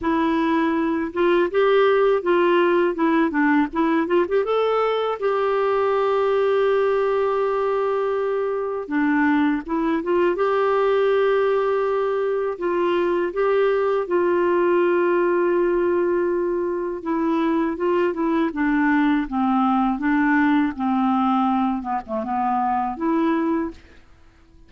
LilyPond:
\new Staff \with { instrumentName = "clarinet" } { \time 4/4 \tempo 4 = 81 e'4. f'8 g'4 f'4 | e'8 d'8 e'8 f'16 g'16 a'4 g'4~ | g'1 | d'4 e'8 f'8 g'2~ |
g'4 f'4 g'4 f'4~ | f'2. e'4 | f'8 e'8 d'4 c'4 d'4 | c'4. b16 a16 b4 e'4 | }